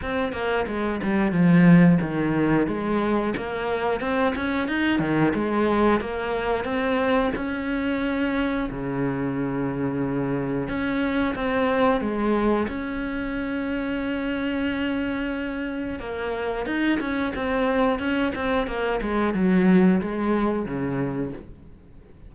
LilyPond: \new Staff \with { instrumentName = "cello" } { \time 4/4 \tempo 4 = 90 c'8 ais8 gis8 g8 f4 dis4 | gis4 ais4 c'8 cis'8 dis'8 dis8 | gis4 ais4 c'4 cis'4~ | cis'4 cis2. |
cis'4 c'4 gis4 cis'4~ | cis'1 | ais4 dis'8 cis'8 c'4 cis'8 c'8 | ais8 gis8 fis4 gis4 cis4 | }